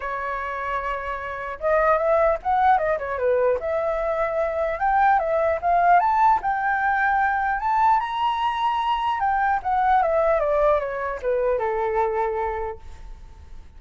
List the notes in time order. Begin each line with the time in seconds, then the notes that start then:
0.00 C#5
1.59 D#5
1.97 E5
2.42 F#5
2.77 D#5
2.98 C#5
3.18 B4
3.59 E5
4.79 G5
5.19 E5
5.61 F5
5.99 A5
6.42 G5
7.59 A5
7.99 A#5
9.20 G5
9.62 F#5
10.02 E5
10.40 D5
10.79 C#5
11.21 B4
11.58 A4